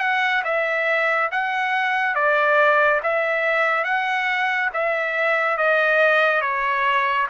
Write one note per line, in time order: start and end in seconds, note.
0.00 0.43 F#5
0.44 1.30 E5
1.31 2.15 F#5
2.15 3.01 D5
3.03 3.84 E5
3.84 4.70 F#5
4.73 5.58 E5
5.58 6.41 D#5
6.41 7.27 C#5